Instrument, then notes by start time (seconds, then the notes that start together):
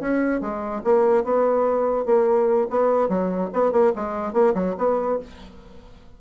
bassoon
0.00 C#4
0.40 G#3
0.84 A#3
1.24 B3
2.06 A#3
2.70 B3
3.08 F#3
3.53 B3
3.72 A#3
3.95 G#3
4.33 A#3
4.54 F#3
4.78 B3